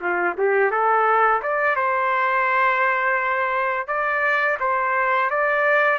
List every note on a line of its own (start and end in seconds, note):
0.00 0.35 F4
0.37 0.71 G4
0.71 1.41 A4
1.42 1.76 D5
1.76 3.87 C5
3.87 4.58 D5
4.59 5.30 C5
5.30 5.98 D5